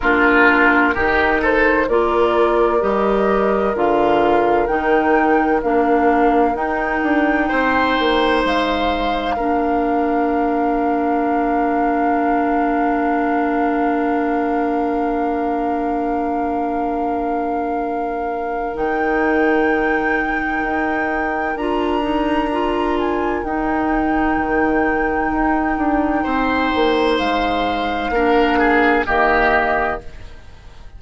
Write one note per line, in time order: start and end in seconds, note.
0.00 0.96 A#3
0.00 0.95 D4
0.00 0.94 F4
0.00 1.39 A#4
0.94 1.88 D#3
0.94 1.88 D#4
0.94 1.41 G4
1.41 1.87 A4
1.41 1.88 C5
1.87 2.82 A#3
1.87 2.80 F4
1.87 7.48 A#4
1.87 2.81 D5
2.80 3.74 G3
2.80 3.73 G4
2.80 3.75 D#5
3.74 4.68 D3
3.74 4.68 F4
3.74 4.66 F5
4.66 5.63 D#3
4.66 5.62 D#4
4.66 5.60 G5
5.62 6.54 A#3
5.62 6.55 D4
5.62 6.55 F5
6.54 7.01 D#4
6.54 9.36 D#4
6.54 8.43 G5
7.03 7.49 D4
7.48 7.98 C4
7.48 9.36 C5
7.98 8.44 A#3
8.44 9.37 G#3
8.44 18.76 F5
9.36 18.74 A#3
9.36 18.74 D4
9.36 26.23 A#4
18.74 20.63 D#3
18.74 21.55 D#4
18.74 21.56 G5
20.63 21.55 D#4
21.55 23.42 D4
21.55 22.01 F4
21.55 22.97 A#5
22.01 22.48 D#4
22.52 23.45 F4
22.98 23.43 G#5
23.43 24.37 D#4
23.43 28.13 D#4
23.43 27.17 G5
24.37 25.31 D#3
25.31 25.77 D#4
25.77 26.24 D4
26.23 26.71 C4
26.23 28.10 C5
26.74 27.19 A#3
27.17 28.10 G#3
27.17 29.05 F5
28.10 29.04 A#3
28.10 29.05 D4
28.10 28.59 A#4
28.59 29.05 G#4
29.05 30.01 D#3
29.05 29.99 A#3
29.05 29.99 G4
29.05 30.00 D#5